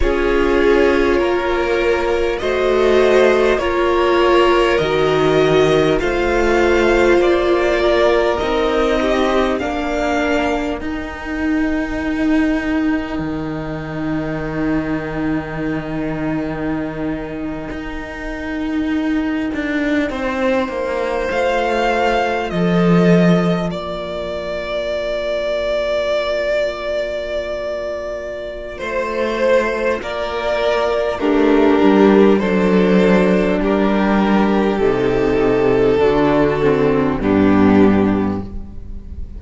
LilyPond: <<
  \new Staff \with { instrumentName = "violin" } { \time 4/4 \tempo 4 = 50 cis''2 dis''4 cis''4 | dis''4 f''4 d''4 dis''4 | f''4 g''2.~ | g''1~ |
g''4.~ g''16 f''4 dis''4 d''16~ | d''1 | c''4 d''4 ais'4 c''4 | ais'4 a'2 g'4 | }
  \new Staff \with { instrumentName = "violin" } { \time 4/4 gis'4 ais'4 c''4 ais'4~ | ais'4 c''4. ais'4 g'8 | ais'1~ | ais'1~ |
ais'8. c''2 a'4 ais'16~ | ais'1 | c''4 ais'4 d'4 a'4 | g'2 fis'4 d'4 | }
  \new Staff \with { instrumentName = "viola" } { \time 4/4 f'2 fis'4 f'4 | fis'4 f'2 dis'4 | d'4 dis'2.~ | dis'1~ |
dis'4.~ dis'16 f'2~ f'16~ | f'1~ | f'2 g'4 d'4~ | d'4 dis'4 d'8 c'8 b4 | }
  \new Staff \with { instrumentName = "cello" } { \time 4/4 cis'4 ais4 a4 ais4 | dis4 a4 ais4 c'4 | ais4 dis'2 dis4~ | dis2~ dis8. dis'4~ dis'16~ |
dis'16 d'8 c'8 ais8 a4 f4 ais16~ | ais1 | a4 ais4 a8 g8 fis4 | g4 c4 d4 g,4 | }
>>